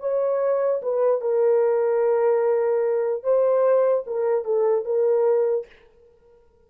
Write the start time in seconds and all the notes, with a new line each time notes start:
0.00 C#5
0.82 B4
1.21 A#4
3.23 C5
4.07 A#4
4.44 A4
4.85 A#4